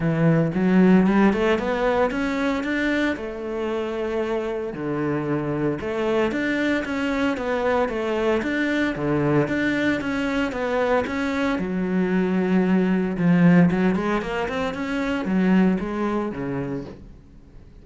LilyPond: \new Staff \with { instrumentName = "cello" } { \time 4/4 \tempo 4 = 114 e4 fis4 g8 a8 b4 | cis'4 d'4 a2~ | a4 d2 a4 | d'4 cis'4 b4 a4 |
d'4 d4 d'4 cis'4 | b4 cis'4 fis2~ | fis4 f4 fis8 gis8 ais8 c'8 | cis'4 fis4 gis4 cis4 | }